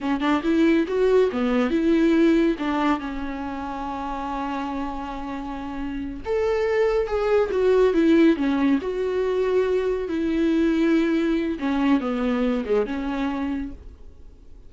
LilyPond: \new Staff \with { instrumentName = "viola" } { \time 4/4 \tempo 4 = 140 cis'8 d'8 e'4 fis'4 b4 | e'2 d'4 cis'4~ | cis'1~ | cis'2~ cis'8 a'4.~ |
a'8 gis'4 fis'4 e'4 cis'8~ | cis'8 fis'2. e'8~ | e'2. cis'4 | b4. gis8 cis'2 | }